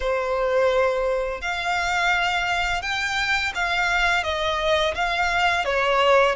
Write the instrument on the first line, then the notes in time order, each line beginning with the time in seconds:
violin
0.00 C5
1.41 F5
2.81 G5
3.54 F5
4.23 D#5
4.94 F5
5.64 C#5